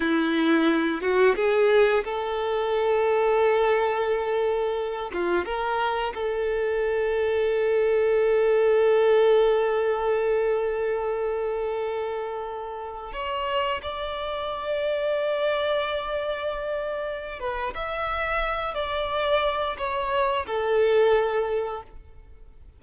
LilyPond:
\new Staff \with { instrumentName = "violin" } { \time 4/4 \tempo 4 = 88 e'4. fis'8 gis'4 a'4~ | a'2.~ a'8 f'8 | ais'4 a'2.~ | a'1~ |
a'2.~ a'16 cis''8.~ | cis''16 d''2.~ d''8.~ | d''4. b'8 e''4. d''8~ | d''4 cis''4 a'2 | }